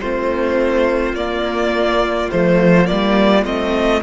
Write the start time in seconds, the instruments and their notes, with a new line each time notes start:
0.00 cello A3, viola C4, violin F4 C5
1.12 cello A#3, viola A#3, violin D5
2.30 cello F3, viola A3, violin C5
2.86 cello G3, viola A#3, violin D5
3.45 cello A3, viola C4, violin D#5